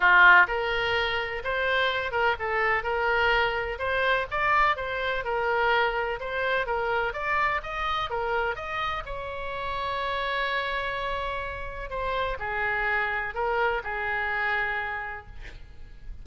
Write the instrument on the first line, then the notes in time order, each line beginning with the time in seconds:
oboe
0.00 F4
0.47 A#4
1.44 C5
2.11 A#4
2.39 A4
2.83 A#4
3.78 C5
4.30 D5
4.76 C5
5.24 A#4
6.20 C5
6.66 A#4
7.13 D5
7.62 D#5
8.10 A#4
8.55 D#5
9.05 C#5
11.90 C5
12.39 G#4
13.34 A#4
13.83 G#4